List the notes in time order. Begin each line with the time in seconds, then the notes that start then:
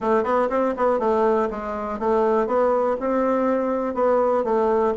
0.00 A3
0.23 B3
0.49 C4
0.77 B3
0.99 A3
1.50 G#3
1.99 A3
2.46 B3
3.00 C4
3.94 B3
4.44 A3